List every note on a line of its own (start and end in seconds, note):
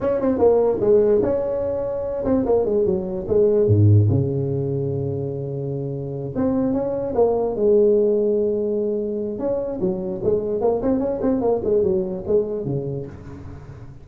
0.01 0.20 C#4
0.20 0.38 C4
0.38 0.79 A#3
0.80 1.21 G#3
1.22 2.24 C#4
2.24 2.45 C4
2.45 2.65 A#3
2.65 2.85 G#3
2.85 3.26 F#3
3.28 3.67 G#3
3.67 4.08 G#2
4.09 6.34 C#3
6.35 6.73 C4
6.73 7.14 C#4
7.14 7.55 A#3
7.55 9.38 G#3
9.38 9.79 C#4
9.80 10.21 F#3
10.23 10.61 G#3
10.61 10.81 A#3
10.82 10.99 C4
10.99 11.19 C#4
11.21 11.41 C4
11.41 11.61 A#3
11.63 11.83 G#3
11.83 12.24 F#3
12.26 12.65 G#3
12.65 13.06 C#3